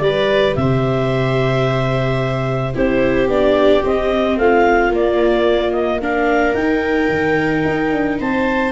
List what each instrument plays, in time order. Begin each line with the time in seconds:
0.00 tuba G3, viola G4 B4, clarinet D5
0.55 tuba C3, viola C5, clarinet E5
2.74 tuba C4, viola E4 G4, clarinet C5
3.28 tuba B3, viola D4, clarinet D5
3.83 viola C4, tuba C4, clarinet D#5
4.37 tuba A3, viola F4, clarinet F5
4.89 tuba A#3, viola A#3, clarinet D5
5.72 clarinet D#5
6.01 viola D4 A#4, clarinet F5
6.54 tuba D#4, viola D#4, clarinet G5
7.09 tuba D#3
7.65 tuba D#4
7.92 tuba D4
8.20 tuba C4, viola C5, clarinet A5